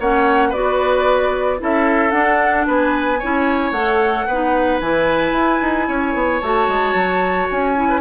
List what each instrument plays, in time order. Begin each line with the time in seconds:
0.00 bassoon A#3, clarinet C#4, oboe C#5, flute F#5
0.49 bassoon B3, clarinet F#4, oboe B4, flute D5
1.58 bassoon C#4, clarinet E4, oboe A4, flute E5
2.11 clarinet D4, bassoon D4, flute F#5
2.67 bassoon B3, oboe B4, flute G#5
3.19 bassoon C#4, clarinet E4, oboe C#5
3.72 bassoon A3, clarinet A4, flute F#5
4.27 bassoon B3, clarinet D#4, oboe B4
4.80 bassoon E3, clarinet E4, flute G#5
5.32 bassoon E4
5.61 bassoon D#4
5.88 bassoon C#4, oboe C#5
6.14 bassoon B3
6.40 bassoon A3, clarinet F#4, flute A5
6.68 bassoon G#3
6.94 bassoon F#3
7.51 bassoon C#4, flute G#5
7.76 clarinet E4
7.89 oboe B4